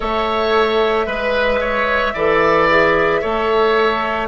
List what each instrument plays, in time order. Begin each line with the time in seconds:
0.00 bassoon A3, clarinet A4, oboe C#5, flute E5
1.06 bassoon G#3, oboe B4, clarinet B4
1.60 oboe C#5
2.13 bassoon E3, clarinet A4, oboe D5
2.69 clarinet G#4
3.21 bassoon A3, clarinet A4, oboe C#5